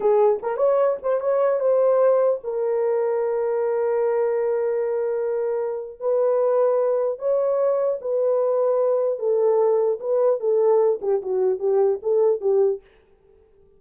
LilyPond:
\new Staff \with { instrumentName = "horn" } { \time 4/4 \tempo 4 = 150 gis'4 ais'8 cis''4 c''8 cis''4 | c''2 ais'2~ | ais'1~ | ais'2. b'4~ |
b'2 cis''2 | b'2. a'4~ | a'4 b'4 a'4. g'8 | fis'4 g'4 a'4 g'4 | }